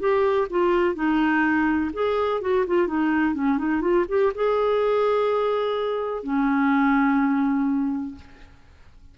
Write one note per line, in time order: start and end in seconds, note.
0.00 0.48 G4
0.51 0.95 F4
0.95 1.91 D#4
1.94 2.42 G#4
2.42 2.66 F#4
2.67 2.88 F4
2.88 3.35 D#4
3.35 3.59 C#4
3.59 3.81 D#4
3.81 4.05 F4
4.09 4.33 G4
4.35 6.24 G#4
6.24 8.16 C#4